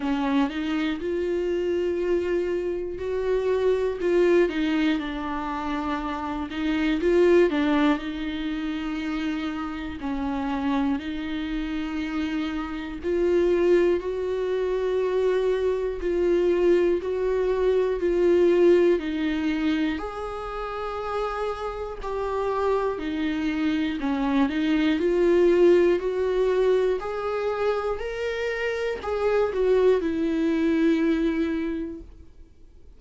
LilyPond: \new Staff \with { instrumentName = "viola" } { \time 4/4 \tempo 4 = 60 cis'8 dis'8 f'2 fis'4 | f'8 dis'8 d'4. dis'8 f'8 d'8 | dis'2 cis'4 dis'4~ | dis'4 f'4 fis'2 |
f'4 fis'4 f'4 dis'4 | gis'2 g'4 dis'4 | cis'8 dis'8 f'4 fis'4 gis'4 | ais'4 gis'8 fis'8 e'2 | }